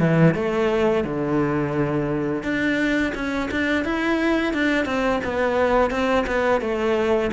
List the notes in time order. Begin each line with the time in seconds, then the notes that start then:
0.00 E3
0.35 A3
1.04 D3
2.43 D4
3.15 C#4
3.51 D4
3.85 E4
4.53 D4
4.85 C4
5.24 B3
5.91 C4
6.27 B3
6.61 A3